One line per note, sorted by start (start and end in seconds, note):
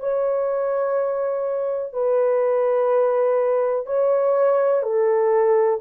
0.00 1.93 C#5
1.93 3.86 B4
3.86 4.83 C#5
4.83 5.79 A4